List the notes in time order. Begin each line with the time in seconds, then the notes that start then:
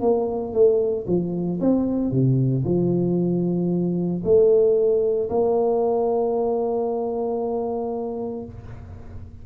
0.00 A#3
0.53 A3
1.07 F3
1.60 C4
2.11 C3
2.65 F3
4.23 A3
5.29 A#3